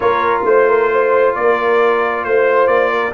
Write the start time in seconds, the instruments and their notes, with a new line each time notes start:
0.00 tuba A#3, trombone F4, horn A#4, trumpet C#5
0.44 tuba A3, trumpet C5, horn C5
0.68 horn A#4
0.92 horn C5
1.34 tuba A#3, horn A#4, trumpet D5
2.23 tuba A3, trumpet C5, horn C5
2.67 tuba A#3, trumpet D5
2.90 horn A#4